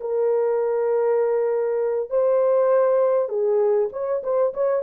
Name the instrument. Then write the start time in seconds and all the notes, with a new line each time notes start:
horn
0.00 A#4
2.10 C5
3.28 G#4
3.92 C#5
4.23 C5
4.53 C#5